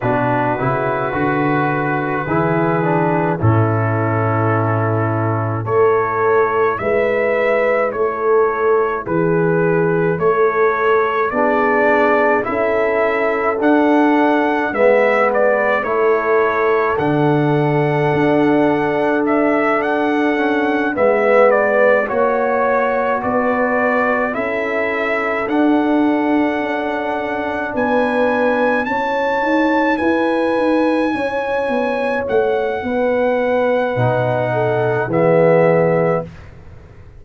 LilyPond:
<<
  \new Staff \with { instrumentName = "trumpet" } { \time 4/4 \tempo 4 = 53 b'2. a'4~ | a'4 cis''4 e''4 cis''4 | b'4 cis''4 d''4 e''4 | fis''4 e''8 d''8 cis''4 fis''4~ |
fis''4 e''8 fis''4 e''8 d''8 cis''8~ | cis''8 d''4 e''4 fis''4.~ | fis''8 gis''4 a''4 gis''4.~ | gis''8 fis''2~ fis''8 e''4 | }
  \new Staff \with { instrumentName = "horn" } { \time 4/4 fis'2 gis'4 e'4~ | e'4 a'4 b'4 a'4 | gis'4 a'4 gis'4 a'4~ | a'4 b'4 a'2~ |
a'2~ a'8 b'4 cis''8~ | cis''8 b'4 a'2~ a'8~ | a'8 b'4 cis''4 b'4 cis''8~ | cis''4 b'4. a'8 gis'4 | }
  \new Staff \with { instrumentName = "trombone" } { \time 4/4 d'8 e'8 fis'4 e'8 d'8 cis'4~ | cis'4 e'2.~ | e'2 d'4 e'4 | d'4 b4 e'4 d'4~ |
d'2 cis'8 b4 fis'8~ | fis'4. e'4 d'4.~ | d'4. e'2~ e'8~ | e'2 dis'4 b4 | }
  \new Staff \with { instrumentName = "tuba" } { \time 4/4 b,8 cis8 d4 e4 a,4~ | a,4 a4 gis4 a4 | e4 a4 b4 cis'4 | d'4 gis4 a4 d4 |
d'2~ d'8 gis4 ais8~ | ais8 b4 cis'4 d'4 cis'8~ | cis'8 b4 cis'8 dis'8 e'8 dis'8 cis'8 | b8 a8 b4 b,4 e4 | }
>>